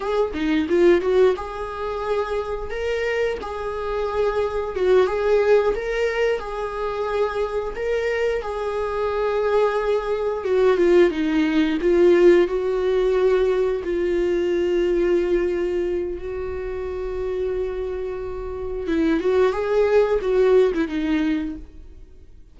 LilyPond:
\new Staff \with { instrumentName = "viola" } { \time 4/4 \tempo 4 = 89 gis'8 dis'8 f'8 fis'8 gis'2 | ais'4 gis'2 fis'8 gis'8~ | gis'8 ais'4 gis'2 ais'8~ | ais'8 gis'2. fis'8 |
f'8 dis'4 f'4 fis'4.~ | fis'8 f'2.~ f'8 | fis'1 | e'8 fis'8 gis'4 fis'8. e'16 dis'4 | }